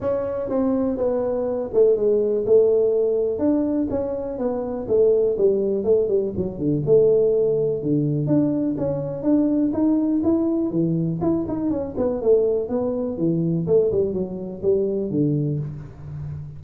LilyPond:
\new Staff \with { instrumentName = "tuba" } { \time 4/4 \tempo 4 = 123 cis'4 c'4 b4. a8 | gis4 a2 d'4 | cis'4 b4 a4 g4 | a8 g8 fis8 d8 a2 |
d4 d'4 cis'4 d'4 | dis'4 e'4 e4 e'8 dis'8 | cis'8 b8 a4 b4 e4 | a8 g8 fis4 g4 d4 | }